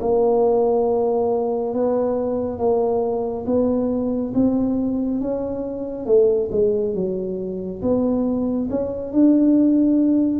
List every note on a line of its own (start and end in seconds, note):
0.00 1.74 A#3
1.74 2.58 B3
2.58 3.45 A#3
3.46 4.33 B3
4.34 5.21 C4
5.21 6.06 C#4
6.06 6.49 A3
6.51 6.94 G#3
6.94 7.81 F#3
7.81 8.68 B3
8.70 9.12 C#4
9.12 10.40 D4